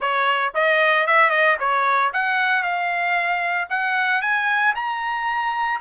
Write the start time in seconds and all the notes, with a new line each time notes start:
0.00 C#5
0.54 D#5
1.06 E5
1.29 D#5
1.59 C#5
2.13 F#5
2.62 F5
3.69 F#5
4.21 G#5
4.75 A#5